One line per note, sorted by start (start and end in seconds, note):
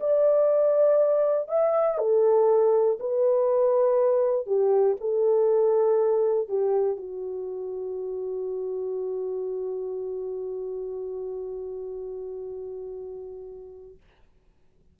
0.00 1.48 D5
1.48 1.98 E5
1.98 2.98 A4
3.00 4.46 B4
4.46 4.96 G4
5.00 6.48 A4
6.48 6.97 G4
6.97 13.97 F#4